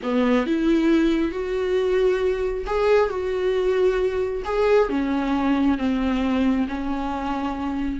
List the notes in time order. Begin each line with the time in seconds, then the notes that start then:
0.02 B3
0.46 E4
1.31 F#4
2.66 G#4
3.09 F#4
4.44 G#4
4.89 C#4
5.77 C4
6.67 C#4